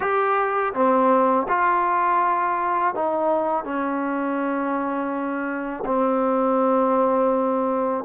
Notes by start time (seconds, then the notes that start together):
0.00 G4
0.73 C4
1.48 F4
2.94 D#4
3.64 C#4
5.85 C4